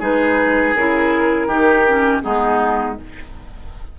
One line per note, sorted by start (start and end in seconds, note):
0.00 0.75 G#3
0.00 0.75 D#4
0.00 1.48 G#4
0.00 0.76 B4
0.75 1.48 C#3
0.75 1.50 E4
0.75 2.23 A#4
1.48 2.22 D#3
1.48 1.87 D#4
1.48 2.22 G4
1.87 2.23 C#4
2.23 3.00 G#3
2.23 2.97 B3
2.23 2.99 D#4
2.23 2.97 G#4